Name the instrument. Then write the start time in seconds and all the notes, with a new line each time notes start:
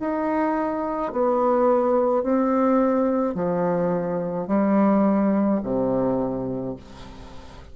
bassoon
0.00 D#4
1.12 B3
2.23 C4
3.34 F3
4.48 G3
5.63 C3